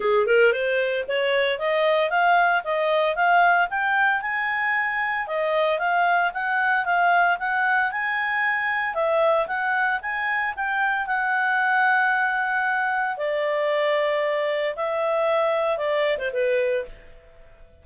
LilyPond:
\new Staff \with { instrumentName = "clarinet" } { \time 4/4 \tempo 4 = 114 gis'8 ais'8 c''4 cis''4 dis''4 | f''4 dis''4 f''4 g''4 | gis''2 dis''4 f''4 | fis''4 f''4 fis''4 gis''4~ |
gis''4 e''4 fis''4 gis''4 | g''4 fis''2.~ | fis''4 d''2. | e''2 d''8. c''16 b'4 | }